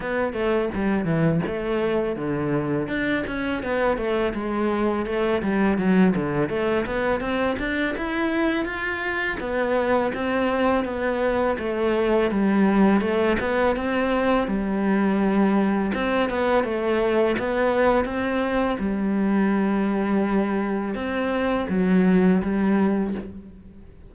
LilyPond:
\new Staff \with { instrumentName = "cello" } { \time 4/4 \tempo 4 = 83 b8 a8 g8 e8 a4 d4 | d'8 cis'8 b8 a8 gis4 a8 g8 | fis8 d8 a8 b8 c'8 d'8 e'4 | f'4 b4 c'4 b4 |
a4 g4 a8 b8 c'4 | g2 c'8 b8 a4 | b4 c'4 g2~ | g4 c'4 fis4 g4 | }